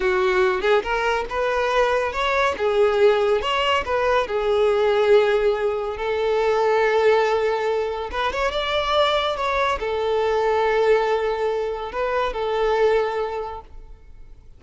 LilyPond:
\new Staff \with { instrumentName = "violin" } { \time 4/4 \tempo 4 = 141 fis'4. gis'8 ais'4 b'4~ | b'4 cis''4 gis'2 | cis''4 b'4 gis'2~ | gis'2 a'2~ |
a'2. b'8 cis''8 | d''2 cis''4 a'4~ | a'1 | b'4 a'2. | }